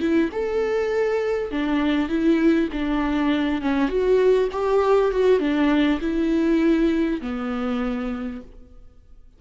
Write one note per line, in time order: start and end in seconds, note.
0.00 0.30 E4
0.32 1.51 A4
1.51 2.09 D4
2.09 2.69 E4
2.72 3.62 D4
3.62 3.88 C#4
3.88 4.48 F#4
4.52 5.11 G4
5.11 5.39 F#4
5.39 5.99 D4
6.01 7.21 E4
7.21 8.41 B3